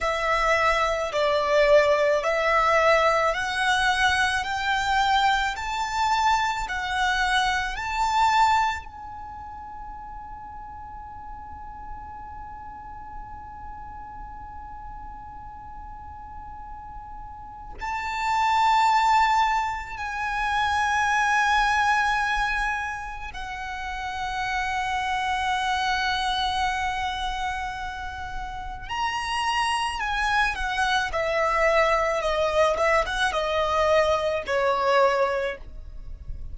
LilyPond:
\new Staff \with { instrumentName = "violin" } { \time 4/4 \tempo 4 = 54 e''4 d''4 e''4 fis''4 | g''4 a''4 fis''4 a''4 | gis''1~ | gis''1 |
a''2 gis''2~ | gis''4 fis''2.~ | fis''2 ais''4 gis''8 fis''8 | e''4 dis''8 e''16 fis''16 dis''4 cis''4 | }